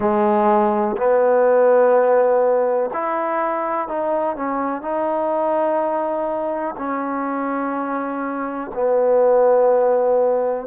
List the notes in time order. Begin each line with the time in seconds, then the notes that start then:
0.00 G#3
0.97 B3
2.93 E4
3.88 D#4
4.35 C#4
4.81 D#4
6.77 C#4
8.74 B3